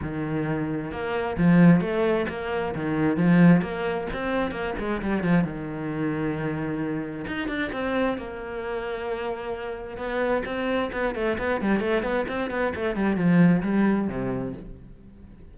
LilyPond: \new Staff \with { instrumentName = "cello" } { \time 4/4 \tempo 4 = 132 dis2 ais4 f4 | a4 ais4 dis4 f4 | ais4 c'4 ais8 gis8 g8 f8 | dis1 |
dis'8 d'8 c'4 ais2~ | ais2 b4 c'4 | b8 a8 b8 g8 a8 b8 c'8 b8 | a8 g8 f4 g4 c4 | }